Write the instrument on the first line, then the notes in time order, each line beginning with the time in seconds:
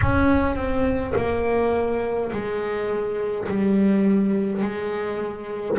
double bass
0.01 C#4
0.55 C4
1.16 A#3
2.32 G#3
3.48 G3
4.62 G#3